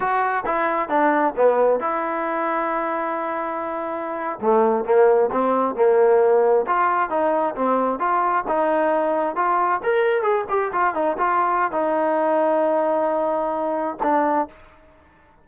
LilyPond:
\new Staff \with { instrumentName = "trombone" } { \time 4/4 \tempo 4 = 133 fis'4 e'4 d'4 b4 | e'1~ | e'4.~ e'16 a4 ais4 c'16~ | c'8. ais2 f'4 dis'16~ |
dis'8. c'4 f'4 dis'4~ dis'16~ | dis'8. f'4 ais'4 gis'8 g'8 f'16~ | f'16 dis'8 f'4~ f'16 dis'2~ | dis'2. d'4 | }